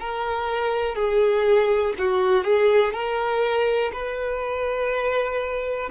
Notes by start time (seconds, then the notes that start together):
0.00 A#4
0.95 G#4
1.98 F#4
2.44 G#4
2.93 A#4
3.93 B4